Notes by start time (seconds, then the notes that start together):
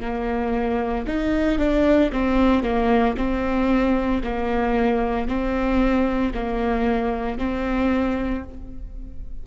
0.00 A#3
1.07 D#4
1.58 D4
2.12 C4
2.63 A#3
3.17 C4
4.23 A#3
5.28 C4
6.33 A#3
7.38 C4